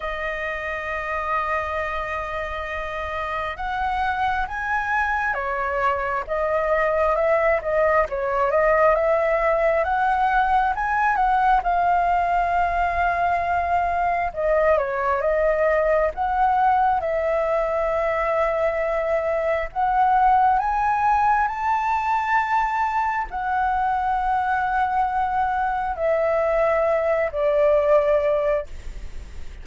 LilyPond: \new Staff \with { instrumentName = "flute" } { \time 4/4 \tempo 4 = 67 dis''1 | fis''4 gis''4 cis''4 dis''4 | e''8 dis''8 cis''8 dis''8 e''4 fis''4 | gis''8 fis''8 f''2. |
dis''8 cis''8 dis''4 fis''4 e''4~ | e''2 fis''4 gis''4 | a''2 fis''2~ | fis''4 e''4. d''4. | }